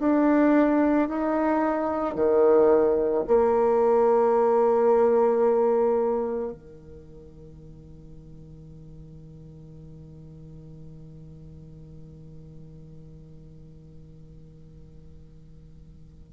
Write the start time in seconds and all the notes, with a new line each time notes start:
0.00 D4
1.09 D#4
2.16 D#3
3.28 A#3
6.53 D#3